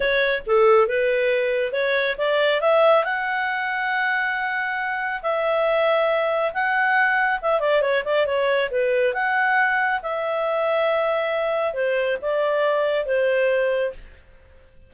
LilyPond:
\new Staff \with { instrumentName = "clarinet" } { \time 4/4 \tempo 4 = 138 cis''4 a'4 b'2 | cis''4 d''4 e''4 fis''4~ | fis''1 | e''2. fis''4~ |
fis''4 e''8 d''8 cis''8 d''8 cis''4 | b'4 fis''2 e''4~ | e''2. c''4 | d''2 c''2 | }